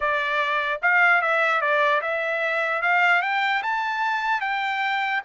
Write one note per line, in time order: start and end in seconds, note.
0.00 0.80 D5
0.81 1.21 F5
1.21 1.61 E5
1.61 2.01 D5
2.01 2.82 E5
2.82 3.22 F5
3.22 3.62 G5
3.62 4.40 A5
4.40 5.21 G5